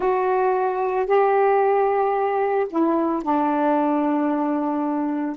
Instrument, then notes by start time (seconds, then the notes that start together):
saxophone
0.00 F#4
1.06 G4
2.69 E4
3.22 D4